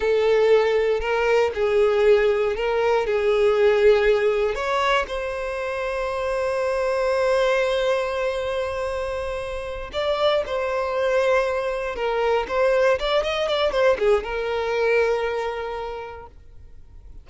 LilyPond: \new Staff \with { instrumentName = "violin" } { \time 4/4 \tempo 4 = 118 a'2 ais'4 gis'4~ | gis'4 ais'4 gis'2~ | gis'4 cis''4 c''2~ | c''1~ |
c''2.~ c''8 d''8~ | d''8 c''2. ais'8~ | ais'8 c''4 d''8 dis''8 d''8 c''8 gis'8 | ais'1 | }